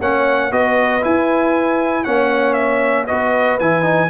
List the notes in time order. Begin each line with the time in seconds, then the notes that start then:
0.00 A#3 C#4 C#5 F#5
0.51 B3 F#4 B4 D#5
1.01 E4 G#5
2.04 A#3 C#4 C#5 F#5
2.53 E5
3.05 B3 F#4 B4 D#5
3.59 E3 E4 G#5
3.82 D#4